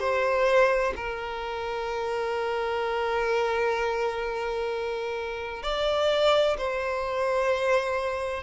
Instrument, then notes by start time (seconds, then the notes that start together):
violin
0.00 C5
0.96 A#4
5.63 D5
6.58 C5